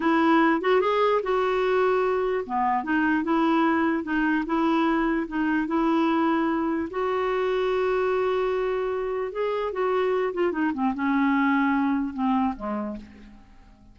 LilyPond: \new Staff \with { instrumentName = "clarinet" } { \time 4/4 \tempo 4 = 148 e'4. fis'8 gis'4 fis'4~ | fis'2 b4 dis'4 | e'2 dis'4 e'4~ | e'4 dis'4 e'2~ |
e'4 fis'2.~ | fis'2. gis'4 | fis'4. f'8 dis'8 c'8 cis'4~ | cis'2 c'4 gis4 | }